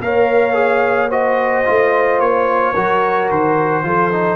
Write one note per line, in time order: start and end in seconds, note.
0.00 1.64 A#3
0.00 0.54 A#4
0.00 1.09 C#5
0.00 1.10 F5
0.54 1.08 G#4
1.09 1.65 F#4
1.09 2.73 C5
1.09 2.20 D#5
1.65 2.19 A3
1.65 2.74 F4
2.19 2.73 A#3
2.19 3.29 C#5
2.73 3.30 F#3
2.73 3.83 F#4
2.73 3.82 A#4
3.30 3.83 D#3
3.30 4.36 C5
3.83 4.36 F3
3.83 4.10 F4
3.83 4.36 A4
4.11 4.36 D#4